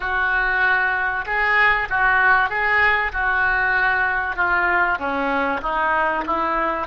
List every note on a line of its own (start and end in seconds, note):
0.00 1.25 F#4
1.26 1.88 G#4
1.89 2.49 F#4
2.49 3.12 G#4
3.12 4.36 F#4
4.36 4.98 F4
4.98 5.61 C#4
5.61 6.24 D#4
6.26 6.87 E4